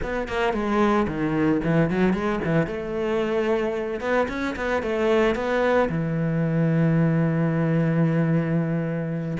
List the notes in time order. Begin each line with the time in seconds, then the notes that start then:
0.02 B3
0.28 A#3
0.53 G#3
1.07 D#3
1.63 E3
1.90 F#3
2.13 G#3
2.44 E3
2.66 A3
4.00 B3
4.28 C#4
4.55 B3
4.82 A3
5.35 B3
5.89 E3